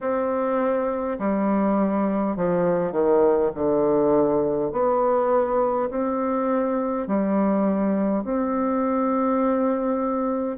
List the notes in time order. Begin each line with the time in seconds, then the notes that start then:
0.01 C4
1.18 G3
2.36 F3
2.91 D#3
3.55 D3
4.72 B3
5.89 C4
7.07 G3
8.24 C4